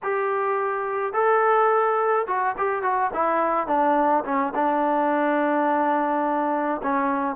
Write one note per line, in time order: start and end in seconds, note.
0.02 1.13 G4
1.13 2.26 A4
2.27 2.55 F#4
2.57 2.82 G4
2.82 3.11 F#4
3.13 3.67 E4
3.67 4.23 D4
4.25 4.53 C#4
4.54 6.81 D4
6.82 7.36 C#4